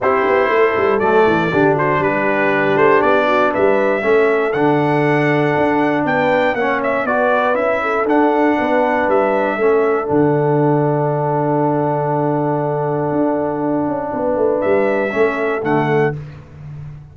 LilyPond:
<<
  \new Staff \with { instrumentName = "trumpet" } { \time 4/4 \tempo 4 = 119 c''2 d''4. c''8 | b'4. c''8 d''4 e''4~ | e''4 fis''2. | g''4 fis''8 e''8 d''4 e''4 |
fis''2 e''2 | fis''1~ | fis''1~ | fis''4 e''2 fis''4 | }
  \new Staff \with { instrumentName = "horn" } { \time 4/4 g'4 a'2 g'8 fis'8 | g'2~ g'8 fis'8 b'4 | a'1 | b'4 cis''4 b'4. a'8~ |
a'4 b'2 a'4~ | a'1~ | a'1 | b'2 a'2 | }
  \new Staff \with { instrumentName = "trombone" } { \time 4/4 e'2 a4 d'4~ | d'1 | cis'4 d'2.~ | d'4 cis'4 fis'4 e'4 |
d'2. cis'4 | d'1~ | d'1~ | d'2 cis'4 a4 | }
  \new Staff \with { instrumentName = "tuba" } { \time 4/4 c'8 b8 a8 g8 fis8 e8 d4 | g4. a8 b4 g4 | a4 d2 d'4 | b4 ais4 b4 cis'4 |
d'4 b4 g4 a4 | d1~ | d2 d'4. cis'8 | b8 a8 g4 a4 d4 | }
>>